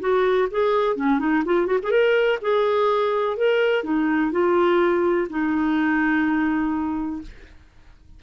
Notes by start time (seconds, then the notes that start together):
0.00 F#4
0.50 G#4
0.96 C#4
1.19 D#4
1.45 F4
1.66 F#4
1.83 G#4
1.91 A#4
2.41 G#4
3.36 A#4
3.83 D#4
4.32 F4
5.29 D#4